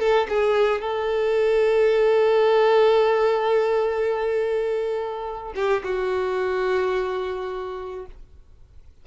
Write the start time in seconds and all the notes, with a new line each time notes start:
0.00 A4
0.29 G#4
0.82 A4
5.56 G4
5.84 F#4